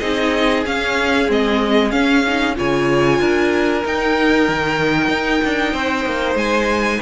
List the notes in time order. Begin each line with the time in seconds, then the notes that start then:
0.00 C4 D#4 G#4 D#5
0.66 C#4 F5
1.28 G#3 C4 D#5
1.91 C#4 F5
2.27 D#4
2.55 C#3 F4 C#5 G#5
3.20 D4 A#4
3.85 D#4 G5
4.49 D#3
5.09 D#4
5.45 D4
5.73 C4 C5
6.06 A#3
6.36 G#3 G#5